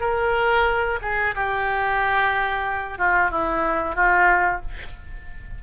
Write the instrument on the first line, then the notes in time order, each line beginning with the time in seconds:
oboe
0.00 A#4
1.02 G#4
1.35 G4
2.98 F4
3.31 E4
3.96 F4